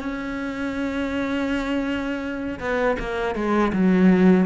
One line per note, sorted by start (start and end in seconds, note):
0.00 2.59 C#4
2.60 2.97 B3
2.99 3.35 A#3
3.35 3.72 G#3
3.73 4.46 F#3